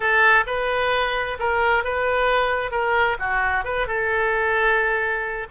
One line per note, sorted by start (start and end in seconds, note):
0.00 0.44 A4
0.46 1.38 B4
1.39 1.84 A#4
1.84 2.71 B4
2.71 3.17 A#4
3.19 3.64 F#4
3.64 3.87 B4
3.87 5.47 A4